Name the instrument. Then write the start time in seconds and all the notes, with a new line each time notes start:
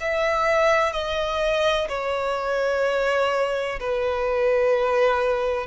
violin
0.00 E5
0.93 D#5
1.89 C#5
3.80 B4